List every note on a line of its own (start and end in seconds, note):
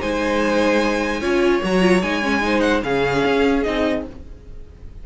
0.00 1.20 G#3
0.00 1.21 D#4
0.00 1.21 C5
0.00 1.62 G#5
1.20 1.60 C#4
1.20 1.61 F4
1.20 2.42 C#5
1.62 2.02 F#3
1.62 1.81 F#4
1.62 2.02 A#5
1.81 2.01 F4
2.02 2.82 G#3
2.02 2.22 D#4
2.02 2.60 G#5
2.22 2.41 C#4
2.41 2.81 D#4
2.41 2.83 C5
2.60 2.80 F#5
2.82 3.23 C#3
2.82 3.62 C#4
2.82 4.04 G#4
2.82 3.63 F5
3.25 3.65 C#4
3.63 4.06 C4
3.63 4.05 D#4
3.63 4.03 D#5